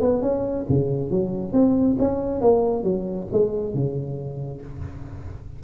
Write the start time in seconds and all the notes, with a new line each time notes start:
0.00 B3
0.21 C#4
0.69 C#3
1.10 F#3
1.52 C4
1.98 C#4
2.41 A#3
2.83 F#3
3.32 G#3
3.74 C#3